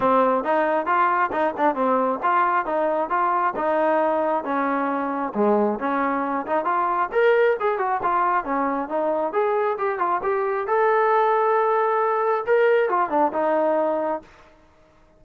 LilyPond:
\new Staff \with { instrumentName = "trombone" } { \time 4/4 \tempo 4 = 135 c'4 dis'4 f'4 dis'8 d'8 | c'4 f'4 dis'4 f'4 | dis'2 cis'2 | gis4 cis'4. dis'8 f'4 |
ais'4 gis'8 fis'8 f'4 cis'4 | dis'4 gis'4 g'8 f'8 g'4 | a'1 | ais'4 f'8 d'8 dis'2 | }